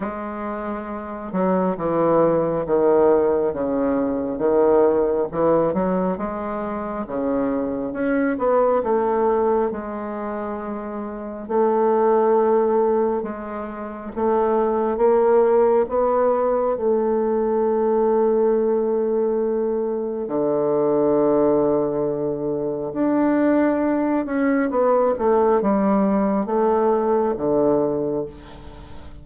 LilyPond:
\new Staff \with { instrumentName = "bassoon" } { \time 4/4 \tempo 4 = 68 gis4. fis8 e4 dis4 | cis4 dis4 e8 fis8 gis4 | cis4 cis'8 b8 a4 gis4~ | gis4 a2 gis4 |
a4 ais4 b4 a4~ | a2. d4~ | d2 d'4. cis'8 | b8 a8 g4 a4 d4 | }